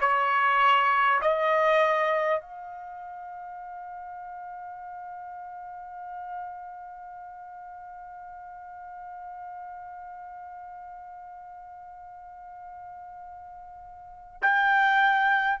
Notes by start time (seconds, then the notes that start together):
0.00 C#5
1.21 D#5
2.41 F5
14.42 G5